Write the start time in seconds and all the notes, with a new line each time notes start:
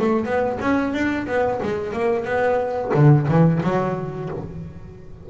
0.00 A3
0.25 B3
0.61 C#4
0.93 D4
1.27 B3
1.63 G#3
1.93 A#3
2.25 B3
2.94 D3
3.28 E3
3.63 F#3